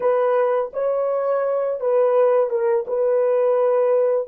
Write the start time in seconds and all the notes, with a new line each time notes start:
0.00 B4
0.73 C#5
1.80 B4
2.50 A#4
2.87 B4